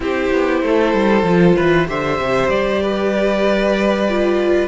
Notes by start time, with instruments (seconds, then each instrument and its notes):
0.00 cello C4, viola E4, violin G4 C5
0.31 cello B3
0.62 cello A3, violin A4
0.93 cello G3
1.22 cello F3, viola F4
1.56 cello E3, violin B4
1.87 cello D3, viola G4, violin C5 E5
2.19 cello C3
2.49 cello G3, violin D5
2.82 violin B4
4.09 viola F4